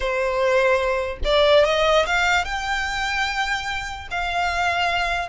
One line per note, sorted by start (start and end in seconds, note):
0.00 1.18 C5
1.24 1.65 D5
1.65 2.05 D#5
2.06 2.44 F5
2.44 4.07 G5
4.10 5.29 F5